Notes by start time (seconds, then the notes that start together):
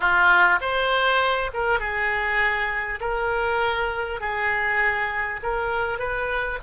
0.00 F4
0.60 C5
1.53 A#4
1.79 G#4
3.00 A#4
4.20 G#4
5.42 A#4
5.98 B4